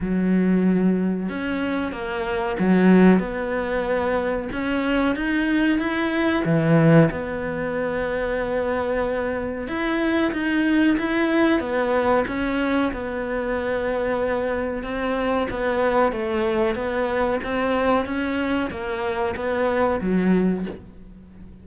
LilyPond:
\new Staff \with { instrumentName = "cello" } { \time 4/4 \tempo 4 = 93 fis2 cis'4 ais4 | fis4 b2 cis'4 | dis'4 e'4 e4 b4~ | b2. e'4 |
dis'4 e'4 b4 cis'4 | b2. c'4 | b4 a4 b4 c'4 | cis'4 ais4 b4 fis4 | }